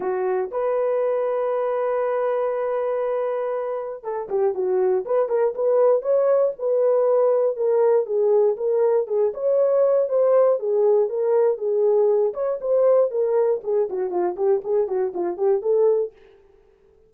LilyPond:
\new Staff \with { instrumentName = "horn" } { \time 4/4 \tempo 4 = 119 fis'4 b'2.~ | b'1 | a'8 g'8 fis'4 b'8 ais'8 b'4 | cis''4 b'2 ais'4 |
gis'4 ais'4 gis'8 cis''4. | c''4 gis'4 ais'4 gis'4~ | gis'8 cis''8 c''4 ais'4 gis'8 fis'8 | f'8 g'8 gis'8 fis'8 f'8 g'8 a'4 | }